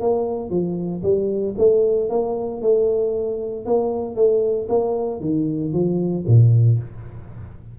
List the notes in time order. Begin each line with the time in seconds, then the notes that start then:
0.00 A#3
0.50 F3
1.02 G3
1.57 A3
2.09 A#3
2.61 A3
3.65 A#3
4.15 A3
4.68 A#3
5.20 D#3
5.72 F3
6.27 A#2